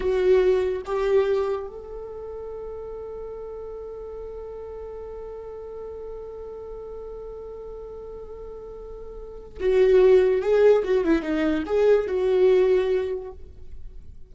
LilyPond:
\new Staff \with { instrumentName = "viola" } { \time 4/4 \tempo 4 = 144 fis'2 g'2 | a'1~ | a'1~ | a'1~ |
a'1~ | a'2. fis'4~ | fis'4 gis'4 fis'8 e'8 dis'4 | gis'4 fis'2. | }